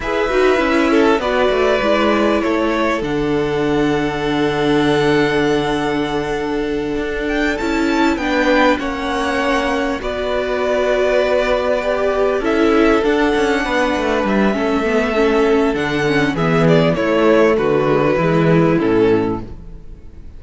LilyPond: <<
  \new Staff \with { instrumentName = "violin" } { \time 4/4 \tempo 4 = 99 e''2 d''2 | cis''4 fis''2.~ | fis''1 | g''8 a''4 g''4 fis''4.~ |
fis''8 d''2.~ d''8~ | d''8 e''4 fis''2 e''8~ | e''2 fis''4 e''8 d''8 | cis''4 b'2 a'4 | }
  \new Staff \with { instrumentName = "violin" } { \time 4/4 b'4. a'8 b'2 | a'1~ | a'1~ | a'4. b'4 cis''4.~ |
cis''8 b'2.~ b'8~ | b'8 a'2 b'4. | a'2. gis'4 | e'4 fis'4 e'2 | }
  \new Staff \with { instrumentName = "viola" } { \time 4/4 gis'8 fis'8 e'4 fis'4 e'4~ | e'4 d'2.~ | d'1~ | d'8 e'4 d'4 cis'4.~ |
cis'8 fis'2. g'8~ | g'8 e'4 d'2~ d'8 | cis'8 b8 cis'4 d'8 cis'8 b4 | a4. gis16 fis16 gis4 cis'4 | }
  \new Staff \with { instrumentName = "cello" } { \time 4/4 e'8 dis'8 cis'4 b8 a8 gis4 | a4 d2.~ | d2.~ d8 d'8~ | d'8 cis'4 b4 ais4.~ |
ais8 b2.~ b8~ | b8 cis'4 d'8 cis'8 b8 a8 g8 | a2 d4 e4 | a4 d4 e4 a,4 | }
>>